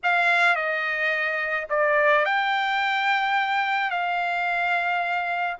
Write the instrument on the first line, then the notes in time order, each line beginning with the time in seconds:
trumpet
0.03 F5
0.55 D#5
1.69 D5
2.25 G5
3.90 F5